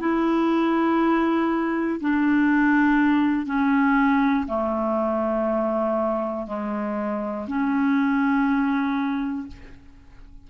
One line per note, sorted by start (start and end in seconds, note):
0.00 2.00 E4
2.01 3.46 D4
3.46 4.46 C#4
4.47 6.47 A3
6.47 7.47 G#3
7.48 9.48 C#4